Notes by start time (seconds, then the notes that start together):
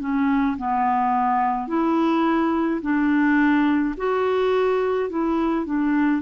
0.00 C#4
0.57 B3
1.67 E4
2.81 D4
3.97 F#4
5.09 E4
5.66 D4